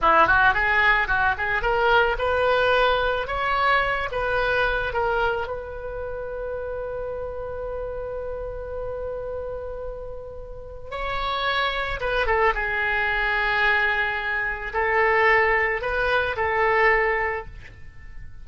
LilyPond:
\new Staff \with { instrumentName = "oboe" } { \time 4/4 \tempo 4 = 110 e'8 fis'8 gis'4 fis'8 gis'8 ais'4 | b'2 cis''4. b'8~ | b'4 ais'4 b'2~ | b'1~ |
b'1 | cis''2 b'8 a'8 gis'4~ | gis'2. a'4~ | a'4 b'4 a'2 | }